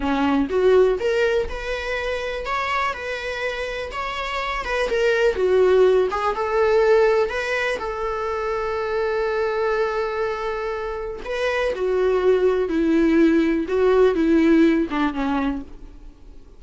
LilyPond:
\new Staff \with { instrumentName = "viola" } { \time 4/4 \tempo 4 = 123 cis'4 fis'4 ais'4 b'4~ | b'4 cis''4 b'2 | cis''4. b'8 ais'4 fis'4~ | fis'8 gis'8 a'2 b'4 |
a'1~ | a'2. b'4 | fis'2 e'2 | fis'4 e'4. d'8 cis'4 | }